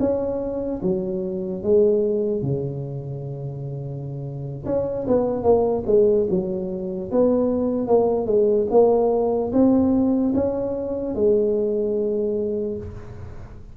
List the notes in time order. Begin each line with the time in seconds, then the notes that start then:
0.00 C#4
0.82 F#3
1.63 G#3
2.42 C#3
4.65 C#4
5.07 B3
5.43 A#3
5.86 G#3
6.30 F#3
7.11 B3
7.87 A#3
8.26 G#3
8.71 A#3
9.52 C4
10.35 C#4
11.15 G#3